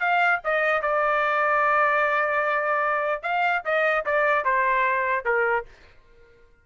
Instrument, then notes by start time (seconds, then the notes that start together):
trumpet
0.00 F5
0.45 D#5
0.82 D5
3.23 F5
3.65 D#5
4.06 D5
4.45 C5
5.26 A#4